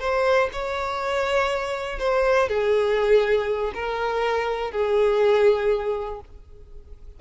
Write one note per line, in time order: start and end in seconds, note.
0.00 0.50 C5
0.53 1.99 C#5
1.99 2.49 C5
2.49 3.73 G#4
3.74 4.72 A#4
4.72 6.21 G#4